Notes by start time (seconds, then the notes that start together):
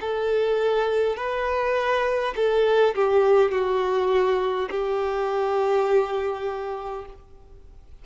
0.00 A4
1.17 B4
2.35 A4
2.95 G4
3.51 F#4
4.70 G4